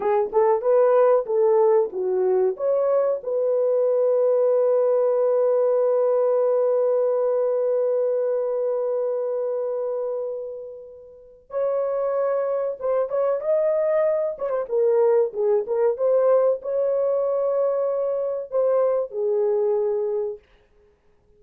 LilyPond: \new Staff \with { instrumentName = "horn" } { \time 4/4 \tempo 4 = 94 gis'8 a'8 b'4 a'4 fis'4 | cis''4 b'2.~ | b'1~ | b'1~ |
b'2 cis''2 | c''8 cis''8 dis''4. cis''16 c''16 ais'4 | gis'8 ais'8 c''4 cis''2~ | cis''4 c''4 gis'2 | }